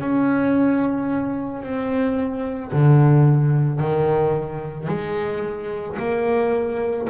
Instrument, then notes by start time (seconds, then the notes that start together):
double bass
0.00 C#4
1.62 C4
2.72 D3
3.79 D#3
4.88 G#3
5.99 A#3